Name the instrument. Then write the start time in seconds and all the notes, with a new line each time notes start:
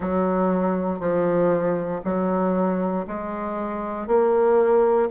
bassoon
0.00 F#3
0.99 F3
2.04 F#3
3.07 G#3
4.07 A#3